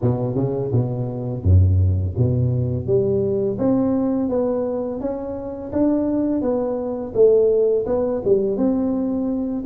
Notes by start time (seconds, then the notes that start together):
0.01 B2
0.34 C#3
0.72 B2
1.43 F#2
2.17 B2
2.86 G3
3.58 C4
4.29 B3
5.00 C#4
5.72 D4
6.41 B3
7.14 A3
7.86 B3
8.24 G3
8.56 C4